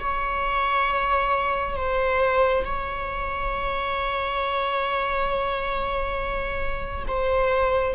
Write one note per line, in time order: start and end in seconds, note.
0.00 1.76 C#5
1.76 2.65 C5
2.65 7.06 C#5
7.08 7.95 C5